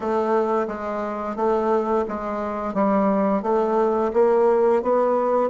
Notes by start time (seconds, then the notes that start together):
0.00 A3
0.67 G#3
1.36 A3
2.08 G#3
2.73 G3
3.42 A3
4.13 A#3
4.82 B3